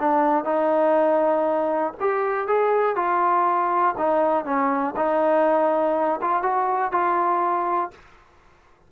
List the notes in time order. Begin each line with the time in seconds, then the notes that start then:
0.00 D4
0.45 D#4
2.00 G4
2.48 G#4
2.96 F4
3.98 D#4
4.45 C#4
4.96 D#4
6.22 F4
6.43 F#4
6.92 F4